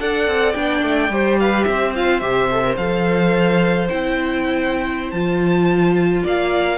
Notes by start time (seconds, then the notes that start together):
0.00 D4 A4 D5 F#5
0.28 C4
0.53 B3 D4 G5
0.83 A3
1.10 G3 G4 C5
1.40 B4 F5
1.64 C4 C5 E5
1.96 F4 F5
2.20 C3 G4 E5
2.52 A4
2.64 A#4
2.77 F3 A4 F5
3.89 C4 E4 G5
5.11 F3 F4 A5
6.24 A#3 D5 F5